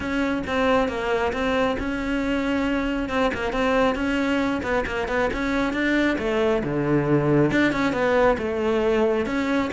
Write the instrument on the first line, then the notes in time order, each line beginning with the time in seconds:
cello
0.00 C#4
0.47 C4
0.88 A#3
1.32 C4
1.79 C#4
3.09 C4
3.34 A#3
3.52 C4
3.95 C#4
4.62 B3
4.86 A#3
5.08 B3
5.33 C#4
5.73 D4
6.18 A3
6.63 D3
7.51 D4
7.72 C#4
7.93 B3
8.37 A3
9.26 C#4